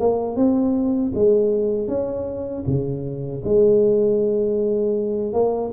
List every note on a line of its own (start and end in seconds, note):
0.00 0.36 A#3
0.36 1.12 C4
1.15 1.88 G#3
1.88 2.64 C#4
2.67 3.42 C#3
3.45 5.33 G#3
5.33 5.71 A#3